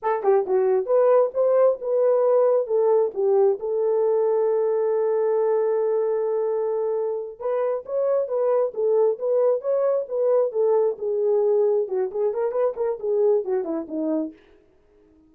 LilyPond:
\new Staff \with { instrumentName = "horn" } { \time 4/4 \tempo 4 = 134 a'8 g'8 fis'4 b'4 c''4 | b'2 a'4 g'4 | a'1~ | a'1~ |
a'8 b'4 cis''4 b'4 a'8~ | a'8 b'4 cis''4 b'4 a'8~ | a'8 gis'2 fis'8 gis'8 ais'8 | b'8 ais'8 gis'4 fis'8 e'8 dis'4 | }